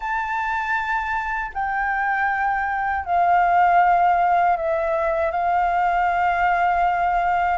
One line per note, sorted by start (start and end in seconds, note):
0.00 1.51 A5
1.54 3.05 G5
3.05 4.56 F5
4.56 5.31 E5
5.31 7.58 F5